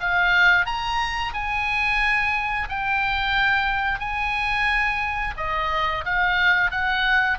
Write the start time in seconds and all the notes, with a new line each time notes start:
0.00 F5
0.66 A#5
1.34 G#5
2.69 G5
3.99 G#5
5.37 D#5
6.05 F5
6.71 F#5